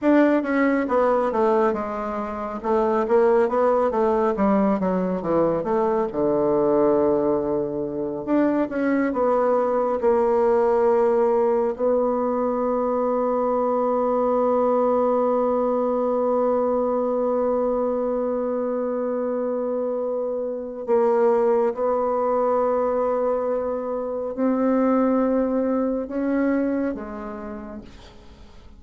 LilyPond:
\new Staff \with { instrumentName = "bassoon" } { \time 4/4 \tempo 4 = 69 d'8 cis'8 b8 a8 gis4 a8 ais8 | b8 a8 g8 fis8 e8 a8 d4~ | d4. d'8 cis'8 b4 ais8~ | ais4. b2~ b8~ |
b1~ | b1 | ais4 b2. | c'2 cis'4 gis4 | }